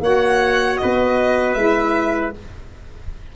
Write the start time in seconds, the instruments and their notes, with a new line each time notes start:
0.00 tuba A#3, saxophone F#4, trumpet C#5, violin F#5
0.77 trumpet B4, violin D#5
0.83 tuba B3
1.54 tuba G#3, saxophone E4, violin E5